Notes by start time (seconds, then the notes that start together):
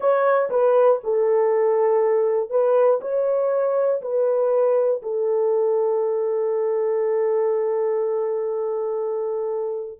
0.00 C#5
0.50 B4
1.03 A4
2.50 B4
3.00 C#5
4.01 B4
5.02 A4